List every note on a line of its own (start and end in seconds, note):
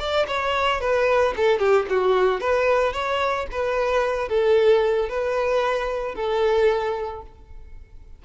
0.00 0.27 D5
0.28 0.81 C#5
0.81 1.35 B4
1.37 1.60 A4
1.60 1.87 G4
1.90 2.41 F#4
2.41 2.93 B4
2.93 3.47 C#5
3.52 4.29 B4
4.29 5.10 A4
5.10 6.15 B4
6.15 7.22 A4